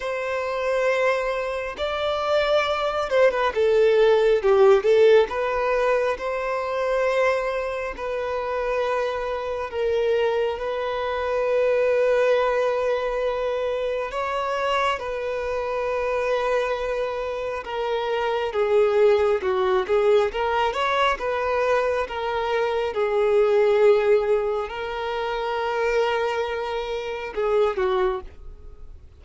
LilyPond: \new Staff \with { instrumentName = "violin" } { \time 4/4 \tempo 4 = 68 c''2 d''4. c''16 b'16 | a'4 g'8 a'8 b'4 c''4~ | c''4 b'2 ais'4 | b'1 |
cis''4 b'2. | ais'4 gis'4 fis'8 gis'8 ais'8 cis''8 | b'4 ais'4 gis'2 | ais'2. gis'8 fis'8 | }